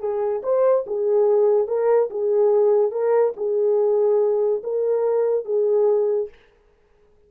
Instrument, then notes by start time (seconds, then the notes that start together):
horn
0.00 G#4
0.43 C5
0.87 G#4
1.67 A#4
2.11 G#4
2.91 A#4
3.36 G#4
4.64 A#4
5.45 G#4